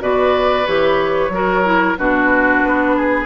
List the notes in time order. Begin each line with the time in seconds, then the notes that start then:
0.00 B2 F#4 B4 D5
0.65 E3 G4 C#5
1.29 F#3 F#4 A#4
1.64 E4
1.97 B2 D4 F#4 B4
2.64 B3
2.96 G#4